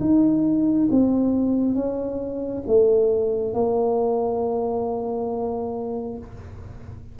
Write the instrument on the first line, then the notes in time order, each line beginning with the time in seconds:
tuba
0.00 D#4
0.91 C4
1.74 C#4
2.67 A3
3.54 A#3